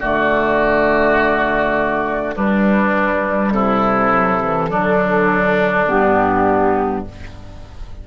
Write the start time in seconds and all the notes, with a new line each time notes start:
0.00 D3 A3 F#4 D5
2.35 G3 D4 B4
3.51 C3 E4 A4
4.11 F#3
4.41 E3
4.69 D3 F#3 D4
5.87 G2 B3 G4